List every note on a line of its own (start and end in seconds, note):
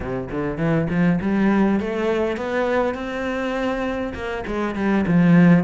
0.00 0.29 C3
0.31 0.57 D3
0.57 0.87 E3
0.90 1.19 F3
1.21 1.80 G3
1.80 2.36 A3
2.36 2.94 B3
2.94 4.13 C4
4.14 4.44 A#3
4.46 4.75 G#3
4.75 5.05 G3
5.07 5.64 F3